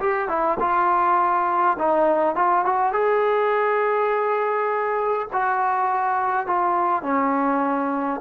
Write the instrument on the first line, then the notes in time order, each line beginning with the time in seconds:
trombone
0.00 G4
0.29 E4
0.60 F4
1.79 D#4
2.36 F4
2.66 F#4
2.93 G#4
5.33 F#4
6.47 F4
7.03 C#4